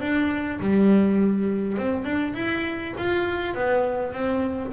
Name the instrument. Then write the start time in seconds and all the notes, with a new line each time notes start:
double bass
0.00 D4
0.60 G3
1.77 C4
2.04 D4
2.34 E4
2.97 F4
3.54 B3
4.13 C4